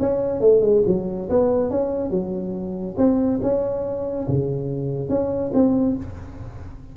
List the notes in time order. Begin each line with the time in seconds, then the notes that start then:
0.00 C#4
0.41 A3
0.61 G#3
0.87 F#3
1.29 B3
1.70 C#4
2.10 F#3
2.97 C4
3.42 C#4
4.28 C#3
5.09 C#4
5.54 C4